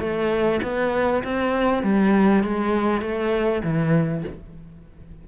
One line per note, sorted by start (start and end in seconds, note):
0.00 0.61 A3
0.63 1.23 B3
1.24 1.83 C4
1.83 2.44 G3
2.44 3.01 G#3
3.01 3.62 A3
3.63 4.24 E3